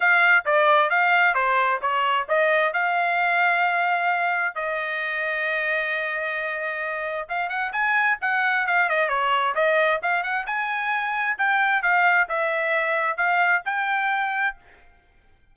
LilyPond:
\new Staff \with { instrumentName = "trumpet" } { \time 4/4 \tempo 4 = 132 f''4 d''4 f''4 c''4 | cis''4 dis''4 f''2~ | f''2 dis''2~ | dis''1 |
f''8 fis''8 gis''4 fis''4 f''8 dis''8 | cis''4 dis''4 f''8 fis''8 gis''4~ | gis''4 g''4 f''4 e''4~ | e''4 f''4 g''2 | }